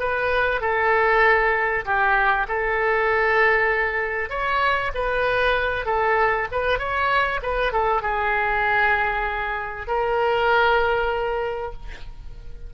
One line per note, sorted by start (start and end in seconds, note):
0.00 0.61 B4
0.61 1.85 A4
1.86 2.47 G4
2.48 4.30 A4
4.30 4.92 C#5
4.95 5.86 B4
5.86 6.48 A4
6.52 6.79 B4
6.79 7.41 C#5
7.43 7.73 B4
7.73 8.02 A4
8.02 9.87 G#4
9.87 11.73 A#4